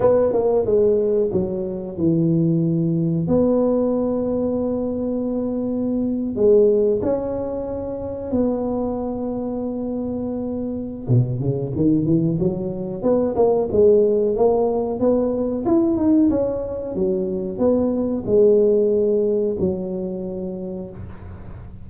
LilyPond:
\new Staff \with { instrumentName = "tuba" } { \time 4/4 \tempo 4 = 92 b8 ais8 gis4 fis4 e4~ | e4 b2.~ | b4.~ b16 gis4 cis'4~ cis'16~ | cis'8. b2.~ b16~ |
b4 b,8 cis8 dis8 e8 fis4 | b8 ais8 gis4 ais4 b4 | e'8 dis'8 cis'4 fis4 b4 | gis2 fis2 | }